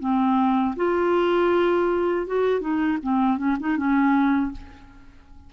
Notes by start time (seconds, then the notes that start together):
0.00 C4
0.77 F4
2.27 F#4
2.61 D#4
3.03 C4
3.38 C#4
3.60 D#4
3.77 C#4